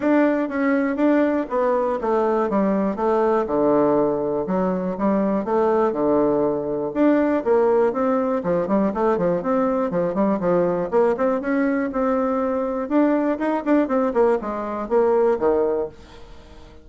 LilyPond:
\new Staff \with { instrumentName = "bassoon" } { \time 4/4 \tempo 4 = 121 d'4 cis'4 d'4 b4 | a4 g4 a4 d4~ | d4 fis4 g4 a4 | d2 d'4 ais4 |
c'4 f8 g8 a8 f8 c'4 | f8 g8 f4 ais8 c'8 cis'4 | c'2 d'4 dis'8 d'8 | c'8 ais8 gis4 ais4 dis4 | }